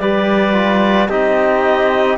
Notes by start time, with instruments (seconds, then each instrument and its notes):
0.00 cello G3, trombone G4, trumpet B4, clarinet D5
0.54 trombone F4
1.09 cello C4, trombone D#4, trumpet G4, clarinet D#5